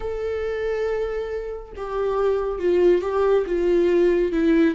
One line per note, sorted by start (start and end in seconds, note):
0.00 1.72 A4
1.76 2.59 G4
2.59 3.01 F4
3.01 3.44 G4
3.46 4.32 F4
4.32 4.74 E4